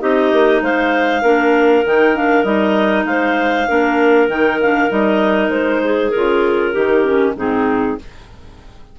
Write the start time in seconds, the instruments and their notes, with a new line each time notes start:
0.00 bassoon C4, clarinet D#4 G4 D#5
0.33 bassoon A#3
0.62 bassoon G#3, clarinet C5 F5
1.22 bassoon A#3, clarinet D4 A#4
1.85 bassoon D#3, clarinet D#4 G5
2.15 clarinet D4 F5
2.44 bassoon G3, clarinet D#4 D#5
3.05 bassoon G#3, clarinet C5 F5
3.68 bassoon A#3, clarinet D4 A#4
4.28 bassoon D#3, clarinet D#4 G5
4.61 clarinet D4 F5
4.90 bassoon G3, clarinet D#4 D#5
5.49 bassoon G#3, clarinet C5
5.85 clarinet G#4
6.11 bassoon C#3, clarinet F4 A#4
6.73 bassoon D#3, clarinet D#4 G4
7.04 clarinet C#4
7.36 bassoon G#2, clarinet C4 D#4 G#4